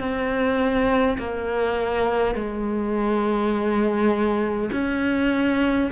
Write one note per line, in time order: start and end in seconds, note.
0.00 1.18 C4
1.18 2.35 A#3
2.35 4.70 G#3
4.72 5.90 C#4